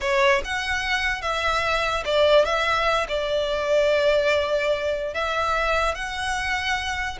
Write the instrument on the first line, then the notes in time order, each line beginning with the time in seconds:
violin
0.01 C#5
0.44 F#5
1.21 E5
2.05 D5
2.45 E5
3.08 D5
5.14 E5
5.94 F#5